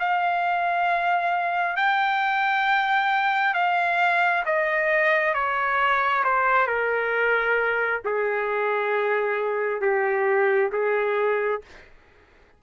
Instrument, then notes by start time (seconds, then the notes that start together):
trumpet
0.00 F5
1.77 G5
3.55 F5
4.46 D#5
5.34 C#5
6.24 C5
6.67 A#4
8.05 G#4
9.82 G4
10.73 G#4